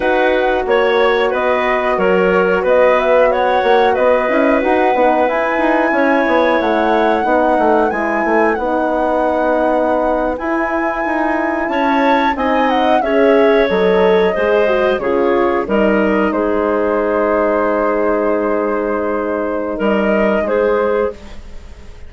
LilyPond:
<<
  \new Staff \with { instrumentName = "flute" } { \time 4/4 \tempo 4 = 91 fis''4 cis''4 dis''4 cis''4 | dis''8 e''8 fis''4 dis''4 fis''4 | gis''2 fis''2 | gis''4 fis''2~ fis''8. gis''16~ |
gis''4.~ gis''16 a''4 gis''8 fis''8 e''16~ | e''8. dis''2 cis''4 dis''16~ | dis''8. c''2.~ c''16~ | c''2 dis''4 c''4 | }
  \new Staff \with { instrumentName = "clarinet" } { \time 4/4 b'4 cis''4 b'4 ais'4 | b'4 cis''4 b'2~ | b'4 cis''2 b'4~ | b'1~ |
b'4.~ b'16 cis''4 dis''4 cis''16~ | cis''4.~ cis''16 c''4 gis'4 ais'16~ | ais'8. gis'2.~ gis'16~ | gis'2 ais'4 gis'4 | }
  \new Staff \with { instrumentName = "horn" } { \time 4/4 fis'1~ | fis'2~ fis'8 e'8 fis'8 dis'8 | e'2. dis'4 | e'4 dis'2~ dis'8. e'16~ |
e'2~ e'8. dis'4 gis'16~ | gis'8. a'4 gis'8 fis'8 f'4 dis'16~ | dis'1~ | dis'1 | }
  \new Staff \with { instrumentName = "bassoon" } { \time 4/4 dis'4 ais4 b4 fis4 | b4. ais8 b8 cis'8 dis'8 b8 | e'8 dis'8 cis'8 b8 a4 b8 a8 | gis8 a8 b2~ b8. e'16~ |
e'8. dis'4 cis'4 c'4 cis'16~ | cis'8. fis4 gis4 cis4 g16~ | g8. gis2.~ gis16~ | gis2 g4 gis4 | }
>>